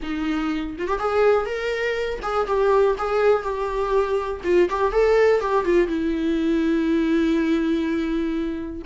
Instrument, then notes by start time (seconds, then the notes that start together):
viola
0.02 D#4
0.78 F4
0.87 G4
0.99 G#4
1.45 A#4
2.22 G#4
2.46 G4
2.98 G#4
3.42 G4
4.44 F4
4.69 G4
4.92 A4
5.40 G4
5.64 F4
5.87 E4